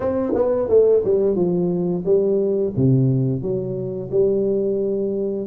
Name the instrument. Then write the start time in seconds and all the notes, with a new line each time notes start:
tuba
0.00 C4
0.34 B3
0.68 A3
1.04 G3
1.35 F3
2.05 G3
2.76 C3
3.42 F#3
4.11 G3